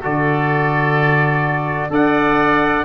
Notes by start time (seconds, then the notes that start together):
0.00 D3 F#4 A4 D5
1.90 D4 A4 D5 F#5